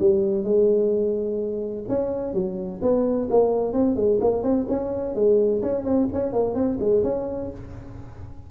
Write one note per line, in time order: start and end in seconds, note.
0.00 0.44 G3
0.44 1.85 G#3
1.89 2.34 C#4
2.34 2.81 F#3
2.82 3.29 B3
3.30 3.73 A#3
3.73 3.96 C4
3.96 4.19 G#3
4.21 4.43 A#3
4.43 4.66 C4
4.69 5.15 C#4
5.15 5.62 G#3
5.62 5.84 C#4
5.84 6.08 C4
6.13 6.33 C#4
6.33 6.55 A#3
6.55 6.78 C4
6.80 7.03 G#3
7.04 7.51 C#4